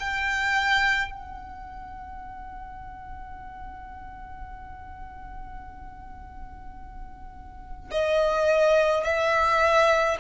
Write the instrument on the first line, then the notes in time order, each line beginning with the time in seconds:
violin
0.00 G5
1.12 F#5
7.91 D#5
9.04 E5